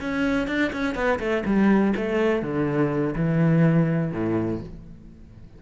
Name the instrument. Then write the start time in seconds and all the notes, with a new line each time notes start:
cello
0.00 C#4
0.47 D4
0.73 C#4
0.95 B3
1.19 A3
1.45 G3
1.96 A3
2.42 D3
3.15 E3
4.12 A2